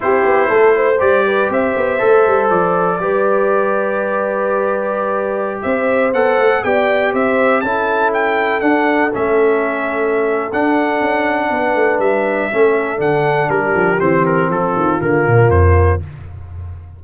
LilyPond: <<
  \new Staff \with { instrumentName = "trumpet" } { \time 4/4 \tempo 4 = 120 c''2 d''4 e''4~ | e''4 d''2.~ | d''2.~ d''16 e''8.~ | e''16 fis''4 g''4 e''4 a''8.~ |
a''16 g''4 fis''4 e''4.~ e''16~ | e''4 fis''2. | e''2 fis''4 ais'4 | c''8 ais'8 a'4 ais'4 c''4 | }
  \new Staff \with { instrumentName = "horn" } { \time 4/4 g'4 a'8 c''4 b'8 c''4~ | c''2 b'2~ | b'2.~ b'16 c''8.~ | c''4~ c''16 d''4 c''4 a'8.~ |
a'1~ | a'2. b'4~ | b'4 a'2 g'4~ | g'4 f'2. | }
  \new Staff \with { instrumentName = "trombone" } { \time 4/4 e'2 g'2 | a'2 g'2~ | g'1~ | g'16 a'4 g'2 e'8.~ |
e'4~ e'16 d'4 cis'4.~ cis'16~ | cis'4 d'2.~ | d'4 cis'4 d'2 | c'2 ais2 | }
  \new Staff \with { instrumentName = "tuba" } { \time 4/4 c'8 b8 a4 g4 c'8 b8 | a8 g8 f4 g2~ | g2.~ g16 c'8.~ | c'16 b8 a8 b4 c'4 cis'8.~ |
cis'4~ cis'16 d'4 a4.~ a16~ | a4 d'4 cis'4 b8 a8 | g4 a4 d4 g8 f8 | e4 f8 dis8 d8 ais,8 f,4 | }
>>